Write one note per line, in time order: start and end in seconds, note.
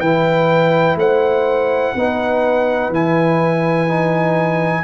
0.00 0.96 E3
0.00 1.97 E4
0.00 0.98 B4
0.00 0.97 G5
0.96 1.93 A3
0.96 1.96 C5
0.96 2.93 F#5
1.95 2.90 B3
1.95 2.93 D#4
1.95 4.84 B4
2.90 4.83 E3
2.90 3.89 E4
2.90 4.84 G#5
3.89 4.84 D#4